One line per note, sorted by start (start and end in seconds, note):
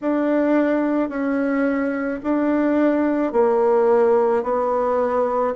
0.01 1.09 D4
1.09 2.20 C#4
2.23 3.32 D4
3.32 4.43 A#3
4.43 5.54 B3